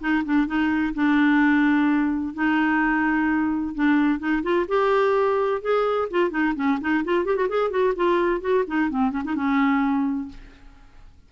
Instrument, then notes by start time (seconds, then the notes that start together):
clarinet
0.00 D#4
0.25 D4
0.47 D#4
0.94 D4
2.34 D#4
3.75 D4
4.19 D#4
4.43 F4
4.68 G4
5.61 G#4
6.10 F4
6.31 D#4
6.55 C#4
6.81 D#4
7.05 F4
7.25 G4
7.36 F#4
7.49 G#4
7.70 F#4
7.96 F4
8.41 F#4
8.67 D#4
8.90 C4
9.11 C#4
9.24 D#4
9.35 C#4